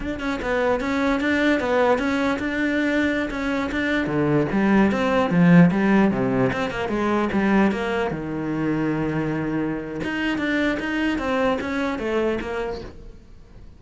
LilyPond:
\new Staff \with { instrumentName = "cello" } { \time 4/4 \tempo 4 = 150 d'8 cis'8 b4 cis'4 d'4 | b4 cis'4 d'2~ | d'16 cis'4 d'4 d4 g8.~ | g16 c'4 f4 g4 c8.~ |
c16 c'8 ais8 gis4 g4 ais8.~ | ais16 dis2.~ dis8.~ | dis4 dis'4 d'4 dis'4 | c'4 cis'4 a4 ais4 | }